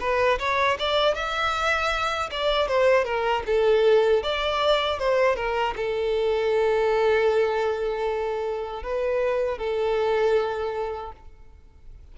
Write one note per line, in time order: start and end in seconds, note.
0.00 0.38 B4
0.39 0.78 C#5
0.79 1.15 D5
1.15 2.30 E5
2.31 2.68 D5
2.68 3.05 C5
3.05 3.43 A#4
3.46 4.23 A4
4.23 4.99 D5
4.99 5.36 C5
5.36 5.74 A#4
5.76 8.83 A4
8.83 9.58 B4
9.58 11.12 A4